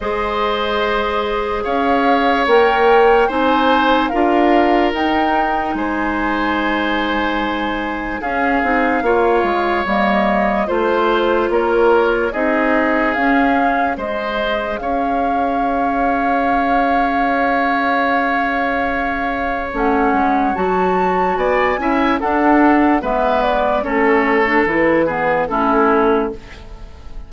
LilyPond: <<
  \new Staff \with { instrumentName = "flute" } { \time 4/4 \tempo 4 = 73 dis''2 f''4 g''4 | gis''4 f''4 g''4 gis''4~ | gis''2 f''2 | dis''4 c''4 cis''4 dis''4 |
f''4 dis''4 f''2~ | f''1 | fis''4 a''4 gis''4 fis''4 | e''8 d''8 cis''4 b'4 a'4 | }
  \new Staff \with { instrumentName = "oboe" } { \time 4/4 c''2 cis''2 | c''4 ais'2 c''4~ | c''2 gis'4 cis''4~ | cis''4 c''4 ais'4 gis'4~ |
gis'4 c''4 cis''2~ | cis''1~ | cis''2 d''8 e''8 a'4 | b'4 a'4. gis'8 e'4 | }
  \new Staff \with { instrumentName = "clarinet" } { \time 4/4 gis'2. ais'4 | dis'4 f'4 dis'2~ | dis'2 cis'8 dis'8 f'4 | ais4 f'2 dis'4 |
cis'4 gis'2.~ | gis'1 | cis'4 fis'4. e'8 d'4 | b4 cis'8. d'16 e'8 b8 cis'4 | }
  \new Staff \with { instrumentName = "bassoon" } { \time 4/4 gis2 cis'4 ais4 | c'4 d'4 dis'4 gis4~ | gis2 cis'8 c'8 ais8 gis8 | g4 a4 ais4 c'4 |
cis'4 gis4 cis'2~ | cis'1 | a8 gis8 fis4 b8 cis'8 d'4 | gis4 a4 e4 a4 | }
>>